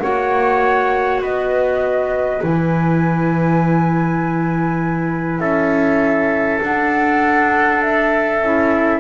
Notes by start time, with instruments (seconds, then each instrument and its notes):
0.00 double bass A#3, clarinet F#4, trumpet C#5, flute F#5
1.22 double bass B3, trumpet B4, flute D#5
2.41 double bass E3, clarinet E4, flute G#5
5.40 double bass C#4, trumpet A4, flute E5
6.62 double bass D4, clarinet D4, flute F#5
7.82 flute E5
8.42 double bass C#4, clarinet E4